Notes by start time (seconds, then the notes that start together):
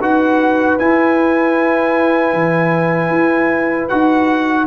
0.00 D#4 F#4 B4 F#5
0.78 E4 G#5
2.33 E3
3.10 E4
3.88 D#4 F#4 F#5